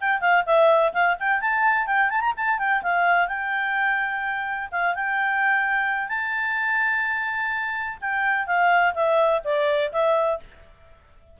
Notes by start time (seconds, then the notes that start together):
0.00 G5
0.21 F5
0.46 E5
0.93 F5
1.19 G5
1.41 A5
1.87 G5
2.10 A5
2.21 A#5
2.37 A5
2.59 G5
2.83 F5
3.28 G5
4.71 F5
4.95 G5
6.09 A5
8.01 G5
8.47 F5
8.94 E5
9.44 D5
9.92 E5